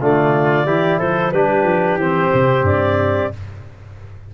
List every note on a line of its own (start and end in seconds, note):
0.00 0.66 D3
0.00 0.66 A3
0.00 0.66 F4
0.00 0.99 D5
0.66 1.00 E3
0.66 1.33 E4
0.66 0.99 G4
0.99 1.33 F3
0.99 1.33 A4
0.99 1.32 C5
1.32 1.64 G3
1.32 2.00 D4
1.32 3.35 G4
1.32 1.98 B4
1.64 1.96 F3
1.96 2.29 E3
1.96 3.34 C4
1.96 2.65 C5
2.34 2.62 C3
2.62 3.29 G2
2.62 3.32 D5